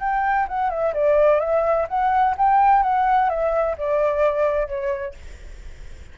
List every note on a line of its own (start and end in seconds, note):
0.00 0.47 G5
0.49 0.70 F#5
0.70 0.93 E5
0.94 1.40 D5
1.40 1.87 E5
1.88 2.35 F#5
2.38 2.83 G5
2.83 3.30 F#5
3.30 3.76 E5
3.78 4.67 D5
4.67 5.14 C#5